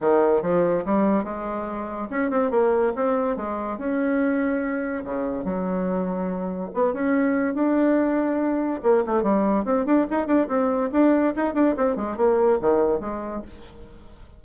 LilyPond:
\new Staff \with { instrumentName = "bassoon" } { \time 4/4 \tempo 4 = 143 dis4 f4 g4 gis4~ | gis4 cis'8 c'8 ais4 c'4 | gis4 cis'2. | cis4 fis2. |
b8 cis'4. d'2~ | d'4 ais8 a8 g4 c'8 d'8 | dis'8 d'8 c'4 d'4 dis'8 d'8 | c'8 gis8 ais4 dis4 gis4 | }